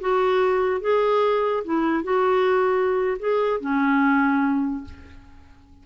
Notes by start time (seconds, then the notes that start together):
0.00 F#4
0.80 G#4
1.64 E4
2.03 F#4
3.19 G#4
3.60 C#4